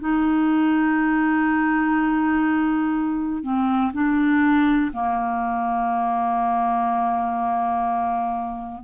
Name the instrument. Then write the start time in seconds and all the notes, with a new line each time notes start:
clarinet
0.00 D#4
3.42 C4
3.93 D4
4.93 A#3